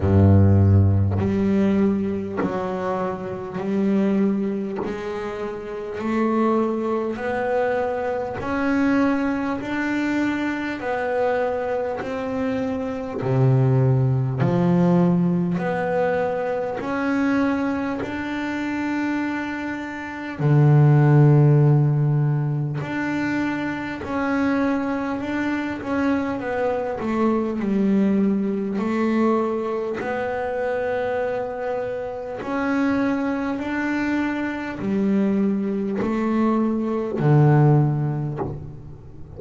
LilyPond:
\new Staff \with { instrumentName = "double bass" } { \time 4/4 \tempo 4 = 50 g,4 g4 fis4 g4 | gis4 a4 b4 cis'4 | d'4 b4 c'4 c4 | f4 b4 cis'4 d'4~ |
d'4 d2 d'4 | cis'4 d'8 cis'8 b8 a8 g4 | a4 b2 cis'4 | d'4 g4 a4 d4 | }